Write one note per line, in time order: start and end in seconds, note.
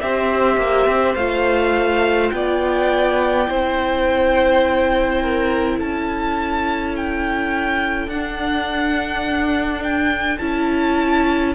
0.00 0.56 C4
0.00 1.17 G4
0.00 2.34 C5
0.00 1.15 E5
0.56 0.85 A#3
0.86 1.14 C4
1.15 2.30 A3
1.15 3.46 F4
1.15 2.30 F5
2.30 3.48 B3
2.30 3.50 D5
2.30 5.76 G5
3.46 5.80 C4
3.46 8.08 E4
3.46 5.22 C5
5.22 5.78 A#4
5.78 8.07 C#4
5.78 11.55 A4
5.78 6.95 A5
6.95 8.09 G5
8.07 10.38 D4
8.07 9.82 F#5
8.13 10.40 D4
9.83 10.38 G5
10.38 11.55 C#4
10.38 11.55 E4
10.38 11.53 A5